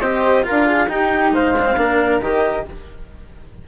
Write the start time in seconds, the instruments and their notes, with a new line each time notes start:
0.00 bassoon C4, cello G4, flute C5, clarinet D#5
0.43 cello F4, flute A#4, clarinet F5
0.50 bassoon D4
0.66 flute G#4
0.87 bassoon D#4, cello D#4, flute G4, clarinet G5
1.31 bassoon G#3, flute C5, clarinet F5
1.58 cello D4
1.65 cello C4
1.76 bassoon A#3, cello D4, flute A#4
2.21 bassoon D#3, cello G4, clarinet D#5